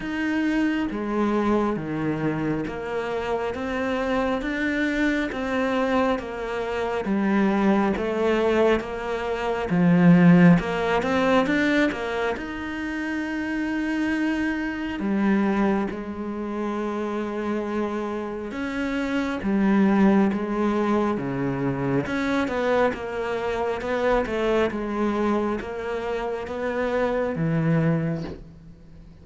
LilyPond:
\new Staff \with { instrumentName = "cello" } { \time 4/4 \tempo 4 = 68 dis'4 gis4 dis4 ais4 | c'4 d'4 c'4 ais4 | g4 a4 ais4 f4 | ais8 c'8 d'8 ais8 dis'2~ |
dis'4 g4 gis2~ | gis4 cis'4 g4 gis4 | cis4 cis'8 b8 ais4 b8 a8 | gis4 ais4 b4 e4 | }